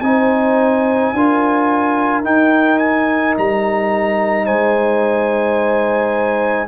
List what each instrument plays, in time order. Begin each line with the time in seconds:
0.00 tuba C4, trombone D#4, horn C5, trumpet G#5
1.13 tuba D4, trombone F4, horn A#4
2.23 trombone D#4, tuba D#4, trumpet G5
2.78 trumpet G#5
3.38 tuba G3, trumpet A#5
4.45 tuba G#3, horn C5, trumpet G#5